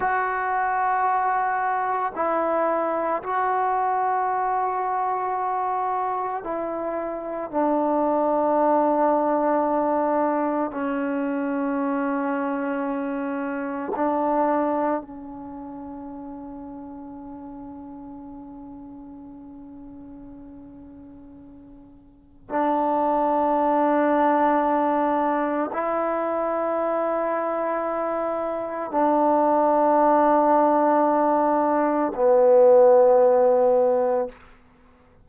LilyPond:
\new Staff \with { instrumentName = "trombone" } { \time 4/4 \tempo 4 = 56 fis'2 e'4 fis'4~ | fis'2 e'4 d'4~ | d'2 cis'2~ | cis'4 d'4 cis'2~ |
cis'1~ | cis'4 d'2. | e'2. d'4~ | d'2 b2 | }